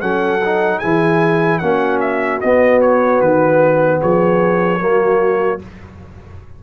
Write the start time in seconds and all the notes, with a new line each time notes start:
0.00 F#3 C#4 A4 F#5
0.45 D#4
0.79 E3 E4 G#4 G#5
1.59 A#3 C#4 F#4 F#5
2.00 E5
2.41 B3 D#5
2.81 C#5
3.21 D#3 B4
4.01 F3 G#4 C#5
4.79 F#3 A#3 F#4